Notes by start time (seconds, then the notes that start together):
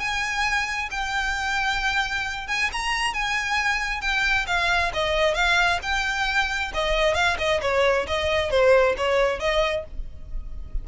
0.00 G#5
0.91 G5
2.48 G#5
2.73 A#5
3.14 G#5
4.01 G5
4.47 F5
4.94 D#5
5.35 F5
5.83 G5
6.74 D#5
7.15 F5
7.39 D#5
7.62 C#5
8.07 D#5
8.51 C5
8.97 C#5
9.40 D#5